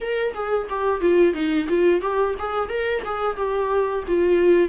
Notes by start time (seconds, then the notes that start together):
0.00 A#4
0.34 G#4
0.69 G4
1.01 F4
1.33 D#4
1.68 F4
2.01 G4
2.38 G#4
2.69 A#4
3.04 G#4
3.36 G4
4.07 F4